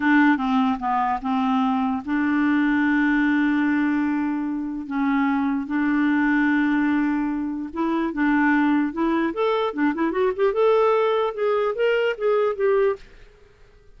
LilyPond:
\new Staff \with { instrumentName = "clarinet" } { \time 4/4 \tempo 4 = 148 d'4 c'4 b4 c'4~ | c'4 d'2.~ | d'1 | cis'2 d'2~ |
d'2. e'4 | d'2 e'4 a'4 | d'8 e'8 fis'8 g'8 a'2 | gis'4 ais'4 gis'4 g'4 | }